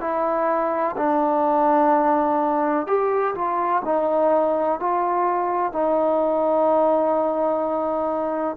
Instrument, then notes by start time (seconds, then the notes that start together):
trombone
0.00 E4
0.97 D4
2.86 G4
3.35 F4
3.84 D#4
4.79 F4
5.72 D#4